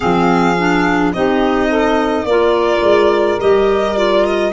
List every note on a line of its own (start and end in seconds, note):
0.00 1.14 F3
0.00 0.55 C4
0.00 1.13 G#4
0.00 1.11 F5
0.58 1.13 D4
1.13 2.24 C4
1.13 2.27 D#4
1.13 1.68 G4
1.13 2.25 D#5
1.68 2.25 A4
2.24 2.80 A#3
2.24 3.39 F4
2.24 4.53 A#4
2.24 3.38 D5
2.82 3.38 G#3
3.39 4.53 G3
3.39 3.96 G4
3.39 3.96 D#5
3.96 4.52 F4
3.96 4.24 D5
4.24 4.53 D#5